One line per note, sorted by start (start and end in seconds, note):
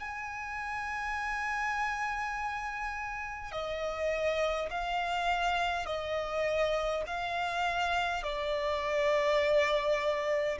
0.00 3.52 G#5
3.52 4.70 D#5
4.71 5.86 F5
5.86 7.04 D#5
7.07 8.24 F5
8.24 10.59 D5